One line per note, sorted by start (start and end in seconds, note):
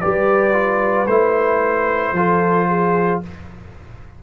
0.00 1.06 G3
0.00 0.52 G4
0.00 2.14 B4
0.00 1.06 D5
0.52 1.06 F4
1.06 2.12 A3
1.06 2.15 E4
1.06 3.20 C5
2.12 3.19 F3
2.12 3.22 F4
2.12 2.68 A4
2.68 3.21 G#4